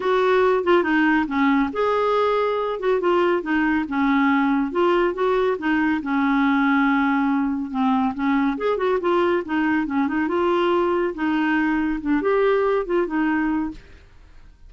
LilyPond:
\new Staff \with { instrumentName = "clarinet" } { \time 4/4 \tempo 4 = 140 fis'4. f'8 dis'4 cis'4 | gis'2~ gis'8 fis'8 f'4 | dis'4 cis'2 f'4 | fis'4 dis'4 cis'2~ |
cis'2 c'4 cis'4 | gis'8 fis'8 f'4 dis'4 cis'8 dis'8 | f'2 dis'2 | d'8 g'4. f'8 dis'4. | }